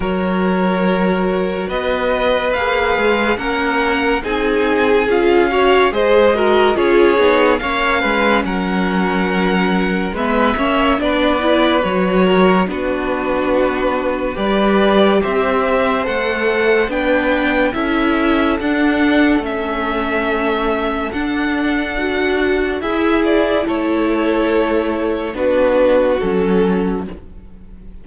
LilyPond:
<<
  \new Staff \with { instrumentName = "violin" } { \time 4/4 \tempo 4 = 71 cis''2 dis''4 f''4 | fis''4 gis''4 f''4 dis''4 | cis''4 f''4 fis''2 | e''4 d''4 cis''4 b'4~ |
b'4 d''4 e''4 fis''4 | g''4 e''4 fis''4 e''4~ | e''4 fis''2 e''8 d''8 | cis''2 b'4 a'4 | }
  \new Staff \with { instrumentName = "violin" } { \time 4/4 ais'2 b'2 | ais'4 gis'4. cis''8 c''8 ais'8 | gis'4 cis''8 b'8 ais'2 | b'8 cis''8 b'4. ais'8 fis'4~ |
fis'4 b'4 c''2 | b'4 a'2.~ | a'2. gis'4 | a'2 fis'2 | }
  \new Staff \with { instrumentName = "viola" } { \time 4/4 fis'2. gis'4 | cis'4 dis'4 f'8 fis'8 gis'8 fis'8 | f'8 dis'8 cis'2. | b8 cis'8 d'8 e'8 fis'4 d'4~ |
d'4 g'2 a'4 | d'4 e'4 d'4 cis'4~ | cis'4 d'4 fis'4 e'4~ | e'2 d'4 cis'4 | }
  \new Staff \with { instrumentName = "cello" } { \time 4/4 fis2 b4 ais8 gis8 | ais4 c'4 cis'4 gis4 | cis'8 b8 ais8 gis8 fis2 | gis8 ais8 b4 fis4 b4~ |
b4 g4 c'4 a4 | b4 cis'4 d'4 a4~ | a4 d'2 e'4 | a2 b4 fis4 | }
>>